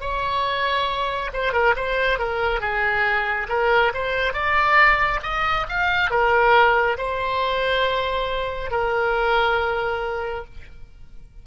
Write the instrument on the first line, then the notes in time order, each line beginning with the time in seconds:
oboe
0.00 C#5
1.33 C5
1.53 A#4
1.76 C5
2.19 A#4
2.60 G#4
3.49 A#4
3.94 C5
4.33 D5
5.23 D#5
5.68 F5
6.10 A#4
6.97 C5
8.71 A#4